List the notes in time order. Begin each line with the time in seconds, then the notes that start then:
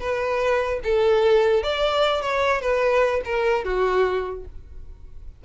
0.00 B4
0.84 A4
1.63 D5
2.22 C#5
2.61 B4
3.25 A#4
3.64 F#4